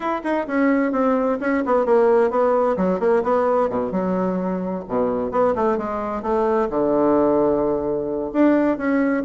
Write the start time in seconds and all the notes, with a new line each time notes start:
0.00 E4
0.23 D#4
0.47 C#4
0.92 C4
1.40 C#4
1.65 B3
1.85 A#3
2.30 B3
2.77 F#3
2.99 A#3
3.23 B3
3.69 B2
3.91 F#3
4.88 B2
5.31 B3
5.55 A3
5.77 G#3
6.22 A3
6.69 D3
8.32 D4
8.77 C#4